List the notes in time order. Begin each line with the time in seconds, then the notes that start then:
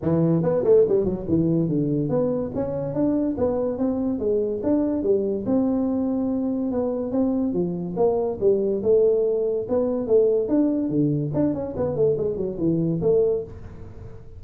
0.02 E3
0.42 B3
0.64 A3
0.88 G3
1.05 F#3
1.28 E3
1.68 D3
2.09 B3
2.55 C#4
2.94 D4
3.37 B3
3.77 C4
4.19 G#3
4.63 D4
5.02 G3
5.46 C4
6.71 B3
7.11 C4
7.53 F3
7.96 A#3
8.40 G3
8.82 A3
9.68 B3
10.07 A3
10.48 D4
10.89 D3
11.33 D4
11.53 C#4
11.76 B3
11.96 A3
12.17 G#3
12.37 F#3
12.58 E3
13.01 A3